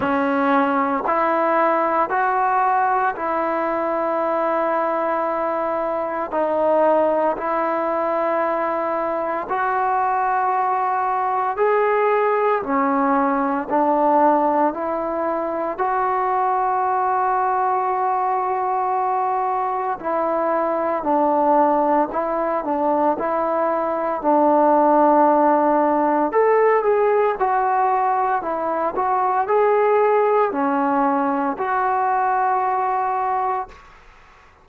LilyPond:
\new Staff \with { instrumentName = "trombone" } { \time 4/4 \tempo 4 = 57 cis'4 e'4 fis'4 e'4~ | e'2 dis'4 e'4~ | e'4 fis'2 gis'4 | cis'4 d'4 e'4 fis'4~ |
fis'2. e'4 | d'4 e'8 d'8 e'4 d'4~ | d'4 a'8 gis'8 fis'4 e'8 fis'8 | gis'4 cis'4 fis'2 | }